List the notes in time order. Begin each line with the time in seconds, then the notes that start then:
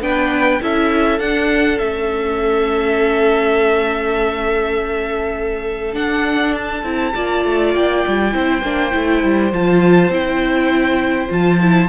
0.00 B3 D4 B4 G5
0.61 C#4 E4 A4 E5
1.19 D4 F#5
1.78 A3 C#4 E5
5.92 D4 F#5
6.55 A5
6.83 C4 E4
7.14 A#3 F4 D5
7.45 A3
7.74 A#3 G5
8.07 G3
8.32 C4 E4 C5
8.62 A#3 D4
8.91 A3 E4
9.23 G3
9.52 F3 F4 A5
10.09 C4 E4 G5
11.29 F3 F4 A5
11.61 E4